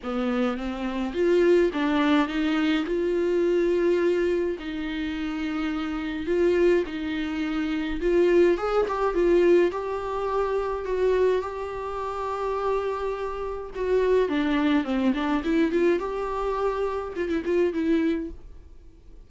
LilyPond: \new Staff \with { instrumentName = "viola" } { \time 4/4 \tempo 4 = 105 b4 c'4 f'4 d'4 | dis'4 f'2. | dis'2. f'4 | dis'2 f'4 gis'8 g'8 |
f'4 g'2 fis'4 | g'1 | fis'4 d'4 c'8 d'8 e'8 f'8 | g'2 f'16 e'16 f'8 e'4 | }